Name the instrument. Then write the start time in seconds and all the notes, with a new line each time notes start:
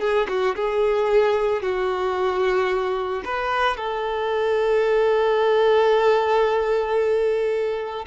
violin
0.00 G#4
0.28 F#4
0.56 G#4
1.62 F#4
3.25 B4
3.77 A4